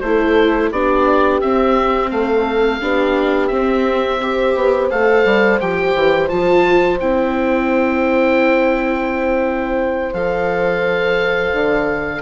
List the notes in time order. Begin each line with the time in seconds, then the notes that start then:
0.00 A3 E4 A4 C5
0.71 B3 D4 G4 D5
1.41 C4 E5
2.10 A3 A4 F5
2.81 B3 D4 G4
3.47 C4 E5
4.21 G4 C5
4.55 B3
4.90 A3 A4 F5
5.25 G3
5.60 F3 G4 G5
5.94 E3
6.28 F3 F4 A5
7.00 C4 E4 G5
10.14 F3 A4 F5
11.53 D3